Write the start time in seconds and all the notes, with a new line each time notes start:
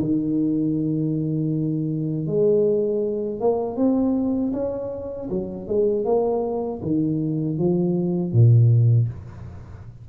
0.00 D#3
2.28 G#3
3.40 A#3
3.77 C4
4.53 C#4
5.30 F#3
5.68 G#3
6.05 A#3
6.83 D#3
7.58 F3
8.33 A#2